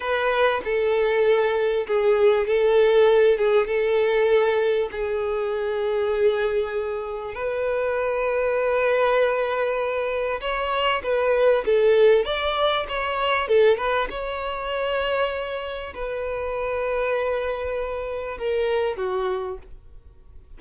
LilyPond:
\new Staff \with { instrumentName = "violin" } { \time 4/4 \tempo 4 = 98 b'4 a'2 gis'4 | a'4. gis'8 a'2 | gis'1 | b'1~ |
b'4 cis''4 b'4 a'4 | d''4 cis''4 a'8 b'8 cis''4~ | cis''2 b'2~ | b'2 ais'4 fis'4 | }